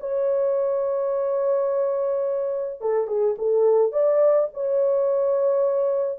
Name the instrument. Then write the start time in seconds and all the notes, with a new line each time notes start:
horn
0.00 C#5
2.81 A4
3.07 G#4
3.38 A4
3.92 D5
4.54 C#5